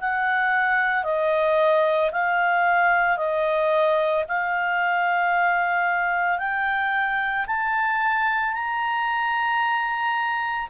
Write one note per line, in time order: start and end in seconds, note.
0.00 1.03 F#5
1.03 2.10 D#5
2.11 3.17 F5
3.17 4.24 D#5
4.28 6.38 F5
6.38 7.45 G5
7.46 8.53 A5
8.53 10.68 A#5